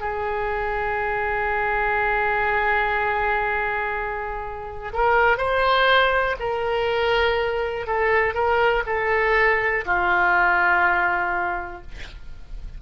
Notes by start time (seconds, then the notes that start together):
0.00 G#4
4.93 A#4
5.37 C5
6.39 A#4
7.86 A4
8.34 A#4
8.86 A4
9.85 F4